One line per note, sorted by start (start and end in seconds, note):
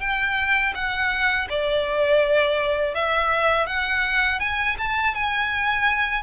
0.00 0.73 G5
0.75 1.48 F#5
1.49 2.94 D5
2.94 3.67 E5
3.67 4.40 F#5
4.40 4.76 G#5
4.78 5.14 A5
5.14 6.23 G#5